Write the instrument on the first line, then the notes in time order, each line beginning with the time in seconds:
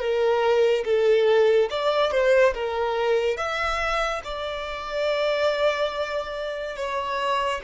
violin
0.00 A#4
0.85 A4
1.70 D5
2.12 C5
2.55 A#4
3.37 E5
4.24 D5
6.77 C#5